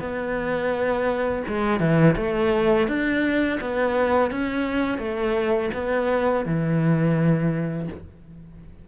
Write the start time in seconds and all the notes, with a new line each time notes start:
0.00 B3
1.48 G#3
1.80 E3
2.16 A3
2.88 D4
3.60 B3
4.31 C#4
4.98 A3
5.74 B3
6.45 E3